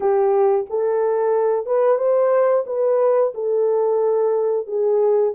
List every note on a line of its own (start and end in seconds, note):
0.00 0.66 G4
0.69 1.65 A4
1.65 1.98 B4
1.98 2.64 C5
2.66 3.33 B4
3.34 4.66 A4
4.66 5.33 G#4